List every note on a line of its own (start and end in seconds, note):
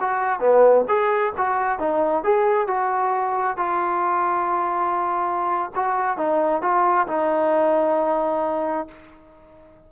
0.00 0.40 F#4
0.40 0.85 B3
0.88 1.33 G#4
1.37 1.79 F#4
1.79 2.23 D#4
2.23 2.67 G#4
2.67 3.57 F#4
3.57 5.71 F4
5.75 6.17 F#4
6.17 6.62 D#4
6.62 7.07 F4
7.07 8.87 D#4